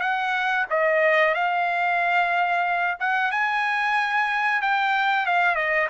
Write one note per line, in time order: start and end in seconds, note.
0.00 0.65 F#5
0.70 1.34 D#5
1.34 2.97 F5
2.99 3.31 F#5
3.31 4.61 G#5
4.62 5.26 G5
5.26 5.55 F5
5.55 5.87 D#5